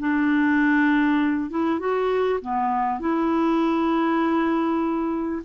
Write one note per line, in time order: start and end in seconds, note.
0.00 1.51 D4
1.51 1.80 E4
1.80 2.40 F#4
2.42 3.00 B3
3.00 5.43 E4